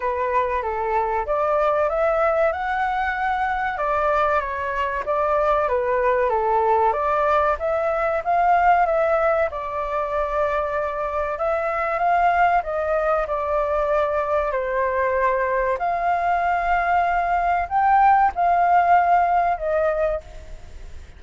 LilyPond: \new Staff \with { instrumentName = "flute" } { \time 4/4 \tempo 4 = 95 b'4 a'4 d''4 e''4 | fis''2 d''4 cis''4 | d''4 b'4 a'4 d''4 | e''4 f''4 e''4 d''4~ |
d''2 e''4 f''4 | dis''4 d''2 c''4~ | c''4 f''2. | g''4 f''2 dis''4 | }